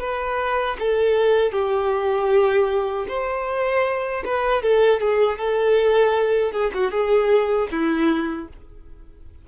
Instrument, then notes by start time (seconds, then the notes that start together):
violin
0.00 B4
0.79 A4
1.52 G4
3.08 C5
4.25 B4
4.63 A4
5.01 G#4
5.39 A4
6.52 G#4
6.74 F#4
6.91 G#4
7.71 E4